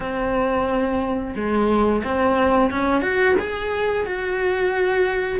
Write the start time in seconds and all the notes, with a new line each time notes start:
0.00 C4
1.35 G#3
2.04 C4
2.71 C#4
3.01 F#4
3.39 G#4
4.06 F#4